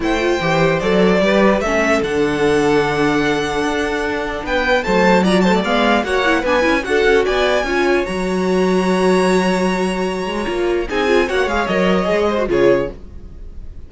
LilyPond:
<<
  \new Staff \with { instrumentName = "violin" } { \time 4/4 \tempo 4 = 149 g''2 d''2 | e''4 fis''2.~ | fis''2. g''4 | a''4 ais''8 a''8 f''4 fis''4 |
gis''4 fis''4 gis''2 | ais''1~ | ais''2. gis''4 | fis''8 f''8 dis''2 cis''4 | }
  \new Staff \with { instrumentName = "violin" } { \time 4/4 c''2. b'4 | a'1~ | a'2. b'4 | c''4 d''8 c''16 d''4~ d''16 cis''4 |
b'4 a'4 d''4 cis''4~ | cis''1~ | cis''2. gis'4 | cis''2~ cis''8 c''8 gis'4 | }
  \new Staff \with { instrumentName = "viola" } { \time 4/4 e'8 f'8 g'4 a'4 g'4 | cis'4 d'2.~ | d'1 | a4 f'8 a8 b4 fis'8 e'8 |
d'8 e'8 fis'2 f'4 | fis'1~ | fis'2 f'4 dis'8 f'8 | fis'8 gis'8 ais'4 gis'8. fis'16 f'4 | }
  \new Staff \with { instrumentName = "cello" } { \time 4/4 a4 e4 fis4 g4 | a4 d2.~ | d4 d'2 b4 | fis2 gis4 ais4 |
b8 cis'8 d'8 cis'8 b4 cis'4 | fis1~ | fis4. gis8 ais4 c'4 | ais8 gis8 fis4 gis4 cis4 | }
>>